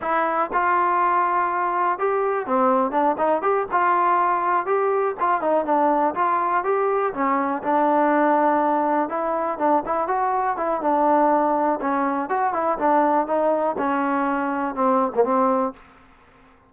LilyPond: \new Staff \with { instrumentName = "trombone" } { \time 4/4 \tempo 4 = 122 e'4 f'2. | g'4 c'4 d'8 dis'8 g'8 f'8~ | f'4. g'4 f'8 dis'8 d'8~ | d'8 f'4 g'4 cis'4 d'8~ |
d'2~ d'8 e'4 d'8 | e'8 fis'4 e'8 d'2 | cis'4 fis'8 e'8 d'4 dis'4 | cis'2 c'8. ais16 c'4 | }